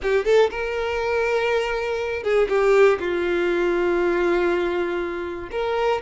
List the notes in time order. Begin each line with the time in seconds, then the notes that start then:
0.02 G4
0.25 A4
0.50 A#4
2.23 G#4
2.48 G4
2.99 F4
5.51 A#4